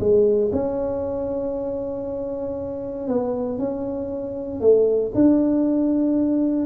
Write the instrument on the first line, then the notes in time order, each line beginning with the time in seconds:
tuba
0.00 G#3
0.53 C#4
3.08 B3
3.59 C#4
4.61 A3
5.15 D4